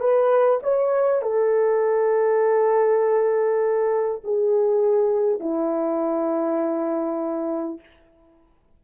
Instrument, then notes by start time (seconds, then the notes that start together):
horn
0.00 B4
0.63 C#5
1.22 A4
4.24 G#4
5.40 E4